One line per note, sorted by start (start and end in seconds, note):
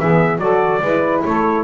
0.00 0.39 E3
0.00 0.39 B3
0.00 0.40 G#4
0.00 0.39 E5
0.39 0.81 F#3
0.39 0.81 F#4
0.39 0.82 A4
0.39 1.23 D5
0.82 1.24 G#3
0.82 1.65 E4
0.82 1.24 B4
1.25 1.65 A3
1.25 1.65 A4
1.25 1.65 C#5